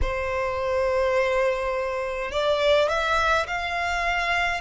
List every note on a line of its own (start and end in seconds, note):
0.01 2.31 C5
2.31 2.88 D5
2.88 3.46 E5
3.47 4.60 F5